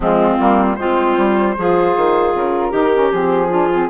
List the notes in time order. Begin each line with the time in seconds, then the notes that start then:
0.00 F3 G#3 C4 F4
0.39 G3 A#3
0.75 G#3 C4 F4 C5
1.17 G3
1.57 F3 F4 G#4
1.96 D#3
2.34 C#3 A#4
2.69 D#3 D#4 G4
2.93 C#4
3.12 F3 C4 G#4
3.49 D4 F4
3.73 C4